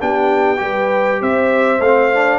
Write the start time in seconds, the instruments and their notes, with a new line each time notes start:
0.00 tuba B3, trombone D4, horn G4, trumpet G5
0.57 tuba G3, trombone G4, horn B4
1.21 tuba C4, horn C5, trumpet E5
1.80 tuba A3, trombone C4, trumpet F5
2.14 trombone D4